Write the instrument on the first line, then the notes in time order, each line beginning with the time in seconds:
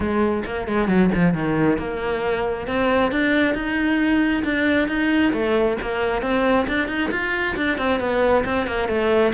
cello
0.00 G#3
0.45 A#3
0.67 G#3
0.88 F#3
1.14 F3
1.33 D#3
1.78 A#3
2.67 C4
3.11 D4
3.54 D#4
4.44 D4
4.87 D#4
5.33 A3
5.81 A#3
6.21 C4
6.67 D4
6.88 D#4
7.11 F4
7.56 D4
7.77 C4
8.00 B3
8.44 C4
8.66 A#3
8.88 A3